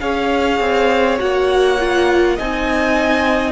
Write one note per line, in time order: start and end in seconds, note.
0.00 0.60 C#4
0.00 1.18 G#4
0.00 2.36 C#5
0.00 1.18 F5
0.60 1.18 C4
1.18 2.38 A#3
1.18 1.77 F#4
1.18 2.38 F#5
1.79 2.38 F4
2.36 3.51 C4
2.36 3.51 D#4
2.36 3.51 D#5
2.36 3.51 G#5